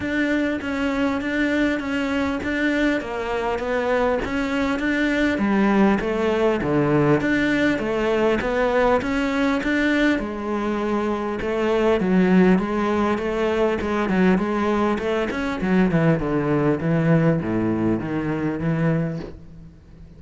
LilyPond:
\new Staff \with { instrumentName = "cello" } { \time 4/4 \tempo 4 = 100 d'4 cis'4 d'4 cis'4 | d'4 ais4 b4 cis'4 | d'4 g4 a4 d4 | d'4 a4 b4 cis'4 |
d'4 gis2 a4 | fis4 gis4 a4 gis8 fis8 | gis4 a8 cis'8 fis8 e8 d4 | e4 a,4 dis4 e4 | }